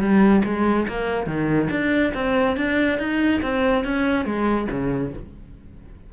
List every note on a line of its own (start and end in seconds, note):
0.00 0.43 G3
0.44 0.87 G#3
0.88 1.26 A#3
1.26 1.69 D#3
1.70 2.13 D4
2.14 2.56 C4
2.56 2.98 D4
2.98 3.41 D#4
3.42 3.84 C4
3.84 4.25 C#4
4.25 4.68 G#3
4.71 5.13 C#3